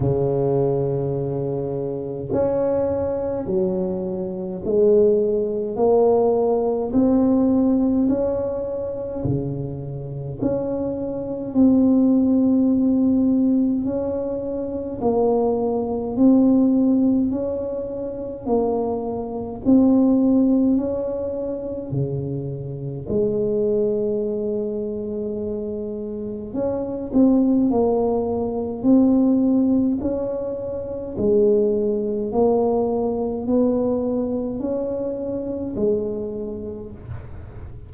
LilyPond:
\new Staff \with { instrumentName = "tuba" } { \time 4/4 \tempo 4 = 52 cis2 cis'4 fis4 | gis4 ais4 c'4 cis'4 | cis4 cis'4 c'2 | cis'4 ais4 c'4 cis'4 |
ais4 c'4 cis'4 cis4 | gis2. cis'8 c'8 | ais4 c'4 cis'4 gis4 | ais4 b4 cis'4 gis4 | }